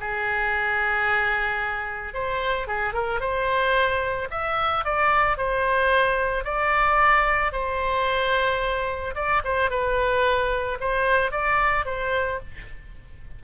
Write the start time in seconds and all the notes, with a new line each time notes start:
0.00 G#4
2.14 C5
2.67 G#4
2.93 A#4
3.20 C5
4.30 E5
4.85 D5
5.37 C5
6.44 D5
7.52 C5
9.15 D5
9.44 C5
9.70 B4
10.80 C5
11.31 D5
11.86 C5